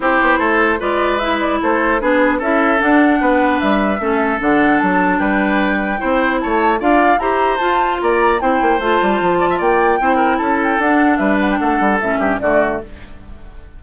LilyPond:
<<
  \new Staff \with { instrumentName = "flute" } { \time 4/4 \tempo 4 = 150 c''2 d''4 e''8 d''8 | c''4 b'4 e''4 fis''4~ | fis''4 e''2 fis''4 | a''4 g''2. |
a''4 f''4 ais''4 a''4 | ais''4 g''4 a''2 | g''2 a''8 g''8 fis''4 | e''8 fis''16 g''16 fis''4 e''4 d''4 | }
  \new Staff \with { instrumentName = "oboe" } { \time 4/4 g'4 a'4 b'2 | a'4 gis'4 a'2 | b'2 a'2~ | a'4 b'2 c''4 |
cis''4 d''4 c''2 | d''4 c''2~ c''8 d''16 e''16 | d''4 c''8 ais'8 a'2 | b'4 a'4. g'8 fis'4 | }
  \new Staff \with { instrumentName = "clarinet" } { \time 4/4 e'2 f'4 e'4~ | e'4 d'4 e'4 d'4~ | d'2 cis'4 d'4~ | d'2. e'4~ |
e'4 f'4 g'4 f'4~ | f'4 e'4 f'2~ | f'4 e'2 d'4~ | d'2 cis'4 a4 | }
  \new Staff \with { instrumentName = "bassoon" } { \time 4/4 c'8 b8 a4 gis2 | a4 b4 cis'4 d'4 | b4 g4 a4 d4 | fis4 g2 c'4 |
a4 d'4 e'4 f'4 | ais4 c'8 ais8 a8 g8 f4 | ais4 c'4 cis'4 d'4 | g4 a8 g8 a,8 g,8 d4 | }
>>